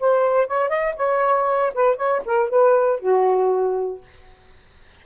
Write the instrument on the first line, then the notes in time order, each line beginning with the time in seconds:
saxophone
0.00 C5
0.47 C#5
0.69 D#5
0.96 C#5
1.74 B4
1.97 C#5
2.25 A#4
2.50 B4
3.00 F#4